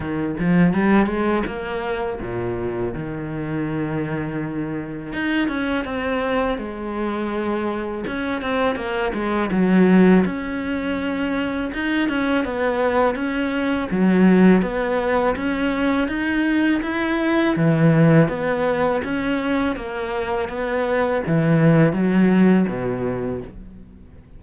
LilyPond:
\new Staff \with { instrumentName = "cello" } { \time 4/4 \tempo 4 = 82 dis8 f8 g8 gis8 ais4 ais,4 | dis2. dis'8 cis'8 | c'4 gis2 cis'8 c'8 | ais8 gis8 fis4 cis'2 |
dis'8 cis'8 b4 cis'4 fis4 | b4 cis'4 dis'4 e'4 | e4 b4 cis'4 ais4 | b4 e4 fis4 b,4 | }